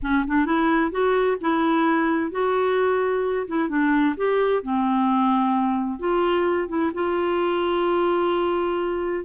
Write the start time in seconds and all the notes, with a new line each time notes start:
0.02 C#4
0.27 D4
0.45 E4
0.91 F#4
1.41 E4
2.31 F#4
3.47 E4
3.69 D4
4.16 G4
4.63 C4
5.99 F4
6.68 E4
6.93 F4